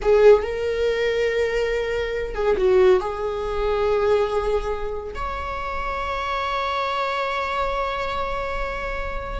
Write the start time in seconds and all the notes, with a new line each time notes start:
0.02 G#4
0.42 A#4
2.35 G#4
2.57 F#4
3.00 G#4
5.14 C#5